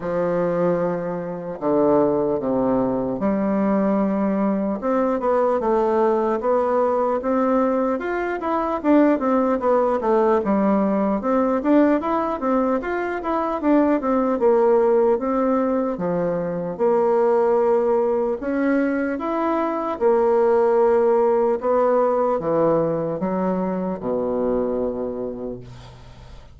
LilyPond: \new Staff \with { instrumentName = "bassoon" } { \time 4/4 \tempo 4 = 75 f2 d4 c4 | g2 c'8 b8 a4 | b4 c'4 f'8 e'8 d'8 c'8 | b8 a8 g4 c'8 d'8 e'8 c'8 |
f'8 e'8 d'8 c'8 ais4 c'4 | f4 ais2 cis'4 | e'4 ais2 b4 | e4 fis4 b,2 | }